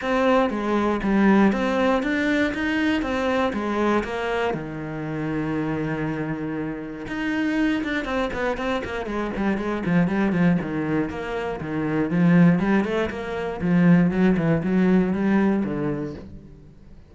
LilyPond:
\new Staff \with { instrumentName = "cello" } { \time 4/4 \tempo 4 = 119 c'4 gis4 g4 c'4 | d'4 dis'4 c'4 gis4 | ais4 dis2.~ | dis2 dis'4. d'8 |
c'8 b8 c'8 ais8 gis8 g8 gis8 f8 | g8 f8 dis4 ais4 dis4 | f4 g8 a8 ais4 f4 | fis8 e8 fis4 g4 d4 | }